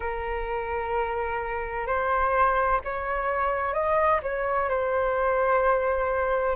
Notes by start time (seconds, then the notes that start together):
0.00 A#4
1.86 C5
2.84 C#5
3.73 D#5
4.22 C#5
4.69 C5